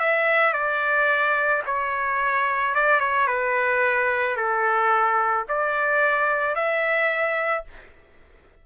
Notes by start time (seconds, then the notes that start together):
0.00 E5
0.54 D5
1.66 C#5
2.75 D5
3.00 C#5
3.28 B4
4.37 A4
5.49 D5
6.56 E5